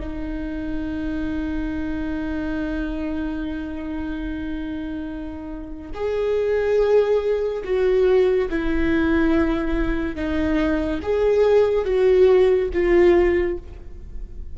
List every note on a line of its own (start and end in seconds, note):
0.00 5.92 D#4
5.94 7.63 G#4
7.64 8.49 F#4
8.50 10.16 E4
10.16 11.00 D#4
11.02 11.85 G#4
11.85 12.70 F#4
12.73 13.58 F4